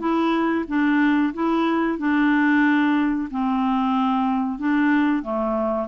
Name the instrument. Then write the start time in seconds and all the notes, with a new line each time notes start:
clarinet
0.00 E4
0.69 D4
1.34 E4
1.99 D4
3.31 C4
4.59 D4
5.23 A3